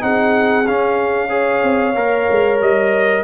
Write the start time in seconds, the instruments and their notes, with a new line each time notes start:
0.00 tuba C4, trombone D#4, horn G#4, trumpet F#5
0.67 trombone C#4, tuba C#4, trumpet F5
1.29 trombone G#4, horn C#5
1.63 tuba C4
1.95 tuba A#3, trombone A#4
2.31 tuba G#3
2.61 tuba G3, trumpet D#5